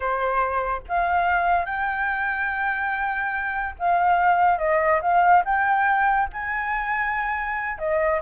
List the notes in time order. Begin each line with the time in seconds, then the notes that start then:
0.00 C5
0.88 F5
1.65 G5
3.79 F5
4.58 D#5
5.01 F5
5.44 G5
6.32 G#5
7.78 D#5